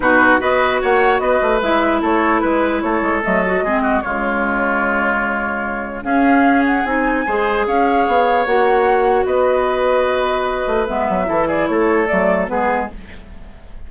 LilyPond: <<
  \new Staff \with { instrumentName = "flute" } { \time 4/4 \tempo 4 = 149 b'4 dis''4 fis''4 dis''4 | e''4 cis''4 b'4 cis''4 | dis''2 cis''2~ | cis''2. f''4~ |
f''8 fis''8 gis''2 f''4~ | f''4 fis''2 dis''4~ | dis''2. e''4~ | e''8 d''8 cis''4 d''4 b'4 | }
  \new Staff \with { instrumentName = "oboe" } { \time 4/4 fis'4 b'4 cis''4 b'4~ | b'4 a'4 b'4 a'4~ | a'4 gis'8 fis'8 f'2~ | f'2. gis'4~ |
gis'2 c''4 cis''4~ | cis''2. b'4~ | b'1 | a'8 gis'8 a'2 gis'4 | }
  \new Staff \with { instrumentName = "clarinet" } { \time 4/4 dis'4 fis'2. | e'1 | a8 fis'8 c'4 gis2~ | gis2. cis'4~ |
cis'4 dis'4 gis'2~ | gis'4 fis'2.~ | fis'2. b4 | e'2 a4 b4 | }
  \new Staff \with { instrumentName = "bassoon" } { \time 4/4 b,4 b4 ais4 b8 a8 | gis4 a4 gis4 a8 gis8 | fis4 gis4 cis2~ | cis2. cis'4~ |
cis'4 c'4 gis4 cis'4 | b4 ais2 b4~ | b2~ b8 a8 gis8 fis8 | e4 a4 fis4 gis4 | }
>>